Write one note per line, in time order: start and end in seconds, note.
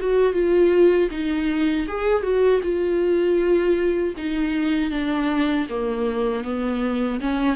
0.00 0.33 F#4
0.33 1.09 F4
1.11 1.87 D#4
1.87 2.22 G#4
2.22 2.60 F#4
2.62 4.14 F4
4.17 4.91 D#4
4.91 5.67 D4
5.69 6.44 A#3
6.44 7.20 B3
7.20 7.55 C#4